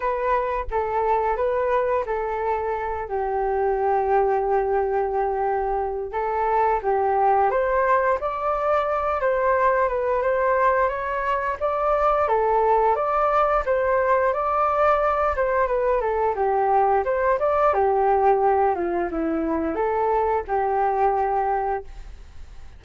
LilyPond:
\new Staff \with { instrumentName = "flute" } { \time 4/4 \tempo 4 = 88 b'4 a'4 b'4 a'4~ | a'8 g'2.~ g'8~ | g'4 a'4 g'4 c''4 | d''4. c''4 b'8 c''4 |
cis''4 d''4 a'4 d''4 | c''4 d''4. c''8 b'8 a'8 | g'4 c''8 d''8 g'4. f'8 | e'4 a'4 g'2 | }